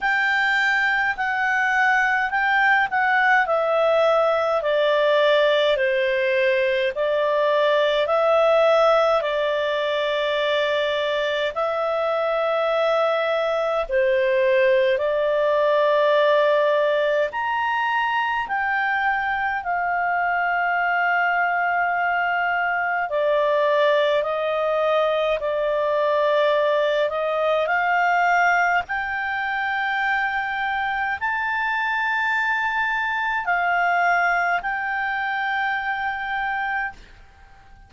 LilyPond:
\new Staff \with { instrumentName = "clarinet" } { \time 4/4 \tempo 4 = 52 g''4 fis''4 g''8 fis''8 e''4 | d''4 c''4 d''4 e''4 | d''2 e''2 | c''4 d''2 ais''4 |
g''4 f''2. | d''4 dis''4 d''4. dis''8 | f''4 g''2 a''4~ | a''4 f''4 g''2 | }